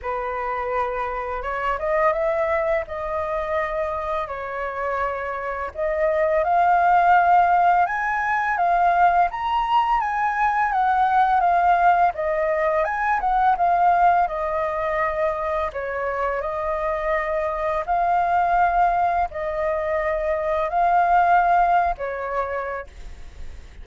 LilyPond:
\new Staff \with { instrumentName = "flute" } { \time 4/4 \tempo 4 = 84 b'2 cis''8 dis''8 e''4 | dis''2 cis''2 | dis''4 f''2 gis''4 | f''4 ais''4 gis''4 fis''4 |
f''4 dis''4 gis''8 fis''8 f''4 | dis''2 cis''4 dis''4~ | dis''4 f''2 dis''4~ | dis''4 f''4.~ f''16 cis''4~ cis''16 | }